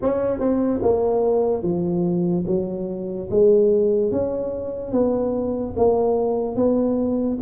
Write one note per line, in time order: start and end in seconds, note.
0.02 0.39 C#4
0.39 0.80 C4
0.82 1.62 A#3
1.62 2.44 F3
2.47 3.29 F#3
3.30 4.11 G#3
4.11 4.92 C#4
4.92 5.74 B3
5.76 6.56 A#3
6.56 7.38 B3